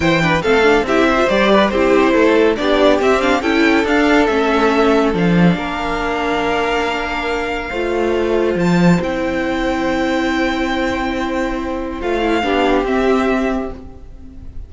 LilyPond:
<<
  \new Staff \with { instrumentName = "violin" } { \time 4/4 \tempo 4 = 140 g''4 f''4 e''4 d''4 | c''2 d''4 e''8 f''8 | g''4 f''4 e''2 | f''1~ |
f''1 | a''4 g''2.~ | g''1 | f''2 e''2 | }
  \new Staff \with { instrumentName = "violin" } { \time 4/4 c''8 b'8 a'4 g'8 c''4 b'8 | g'4 a'4 g'2 | a'1~ | a'4 ais'2.~ |
ais'2 c''2~ | c''1~ | c''1~ | c''4 g'2. | }
  \new Staff \with { instrumentName = "viola" } { \time 4/4 e'8 d'8 c'8 d'8 e'8. f'16 g'4 | e'2 d'4 c'8 d'8 | e'4 d'4 cis'2 | d'1~ |
d'2 f'2~ | f'4 e'2.~ | e'1 | f'8 e'8 d'4 c'2 | }
  \new Staff \with { instrumentName = "cello" } { \time 4/4 e4 a4 c'4 g4 | c'4 a4 b4 c'4 | cis'4 d'4 a2 | f4 ais2.~ |
ais2 a2 | f4 c'2.~ | c'1 | a4 b4 c'2 | }
>>